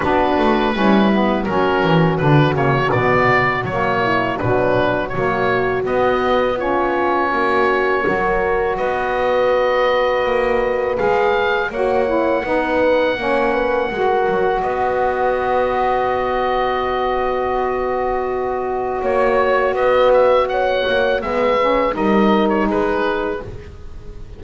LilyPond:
<<
  \new Staff \with { instrumentName = "oboe" } { \time 4/4 \tempo 4 = 82 b'2 ais'4 b'8 cis''8 | d''4 cis''4 b'4 cis''4 | dis''4 cis''2. | dis''2. f''4 |
fis''1 | dis''1~ | dis''2 cis''4 dis''8 e''8 | fis''4 e''4 dis''8. cis''16 b'4 | }
  \new Staff \with { instrumentName = "horn" } { \time 4/4 fis'4 e'4 fis'2~ | fis'4. e'8 d'4 fis'4~ | fis'4 f'4 fis'4 ais'4 | b'1 |
cis''4 b'4 cis''8 b'8 ais'4 | b'1~ | b'2 cis''4 b'4 | cis''4 b'4 ais'4 gis'4 | }
  \new Staff \with { instrumentName = "saxophone" } { \time 4/4 d'4 cis'8 b8 cis'4 d'8 ais8 | b4 ais4 fis4 ais4 | b4 cis'2 fis'4~ | fis'2. gis'4 |
fis'8 e'8 dis'4 cis'4 fis'4~ | fis'1~ | fis'1~ | fis'4 b8 cis'8 dis'2 | }
  \new Staff \with { instrumentName = "double bass" } { \time 4/4 b8 a8 g4 fis8 e8 d8 cis8 | b,4 fis4 b,4 fis4 | b2 ais4 fis4 | b2 ais4 gis4 |
ais4 b4 ais4 gis8 fis8 | b1~ | b2 ais4 b4~ | b8 ais8 gis4 g4 gis4 | }
>>